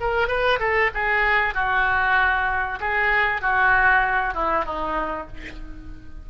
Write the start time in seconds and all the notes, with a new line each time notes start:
0.00 A#4
0.28 B4
0.59 A4
0.94 G#4
1.54 F#4
2.80 G#4
3.41 F#4
4.34 E4
4.65 D#4